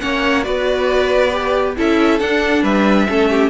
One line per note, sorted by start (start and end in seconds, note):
0.00 0.46 A#3
0.00 0.43 C#4
0.00 0.44 C#5
0.00 0.43 F#5
0.43 1.77 B3
0.43 1.31 F#4
0.43 1.75 B4
0.43 1.75 D5
1.32 1.75 G4
1.76 2.19 C#4
1.76 2.20 E4
1.76 2.63 A4
1.76 2.19 E5
2.19 2.63 D4
2.19 3.08 D4
2.19 2.63 F#5
2.63 3.07 G3
2.63 3.07 B4
2.63 3.50 E5
3.08 3.50 A3
3.08 3.50 C#4
3.08 3.30 A4
3.30 3.50 G4